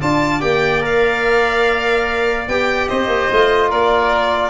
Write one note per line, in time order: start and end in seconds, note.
0.00 0.42 D4
0.00 0.40 F4
0.00 2.88 D5
0.00 0.41 A5
0.40 2.47 A#3
0.40 0.81 G4
0.40 0.82 G5
0.81 2.46 A#4
0.81 2.48 F5
2.48 2.89 B3
2.48 3.32 G4
2.48 2.88 G5
2.88 3.07 C4
2.88 3.69 C5
2.88 3.70 D#5
3.07 3.27 A#3
3.31 3.71 A3
3.31 4.49 F4
3.69 4.49 A#3
3.69 4.49 A#4
3.69 4.49 D5